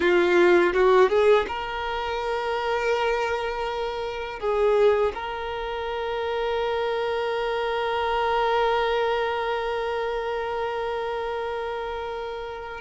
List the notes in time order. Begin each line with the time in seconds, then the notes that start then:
0.00 F4
0.73 F#4
1.09 G#4
1.47 A#4
4.39 G#4
5.14 A#4